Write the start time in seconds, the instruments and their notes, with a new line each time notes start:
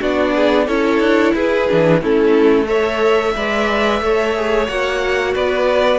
0.00 cello B3, viola D4, violin F#4 D5
0.35 violin G#4
0.67 cello C#4, viola E4, violin A4 C#5
0.99 cello D4
1.34 cello E4, violin G#4 B4
1.68 cello E3, viola D4
2.01 cello A3, viola C#4, violin E4 A4
2.66 viola A4, violin C#5 E5
3.35 cello G#3, viola B4, violin D5
4.01 cello A3, viola A4, violin C#5
4.35 viola G#4
4.67 cello A#3, viola F#4, violin F#5
5.33 cello B3, violin B4 D5